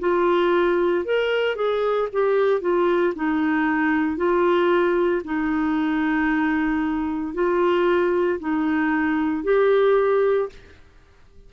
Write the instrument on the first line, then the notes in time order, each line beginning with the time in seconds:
clarinet
0.00 F4
1.05 A#4
1.56 G#4
2.12 G4
2.61 F4
3.16 D#4
4.17 F4
5.25 D#4
7.34 F4
8.40 D#4
9.44 G4